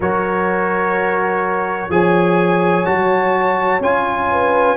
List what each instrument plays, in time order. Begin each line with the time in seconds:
0.00 tuba F#3, trombone F#4, horn A#4, trumpet C#5
1.89 tuba F3, trombone G#4, horn C#5, trumpet G#5
2.84 tuba F#3, trombone F#4, trumpet A5
3.80 tuba C#4, trombone F4, trumpet G#5
4.31 horn B4